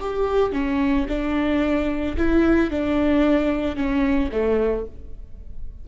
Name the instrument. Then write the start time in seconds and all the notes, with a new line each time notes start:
viola
0.00 G4
0.52 C#4
1.08 D4
2.17 E4
2.71 D4
3.76 C#4
4.31 A3